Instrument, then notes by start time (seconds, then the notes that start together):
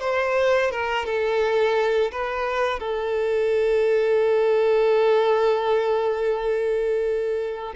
violin
0.00 C5
0.71 A#4
1.05 A4
2.11 B4
2.79 A4